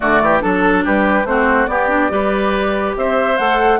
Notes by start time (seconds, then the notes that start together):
0.00 D3 A3 F#4 D5
0.21 E3 G4
0.40 F#3 D4 A4
0.84 G3 G4 B4
1.24 A3 C4 F#4 C5
1.66 B3 G4 D5
1.89 D4
2.09 G3 G4 B4
2.97 C4 C5 E5
3.37 A3 A4 F#5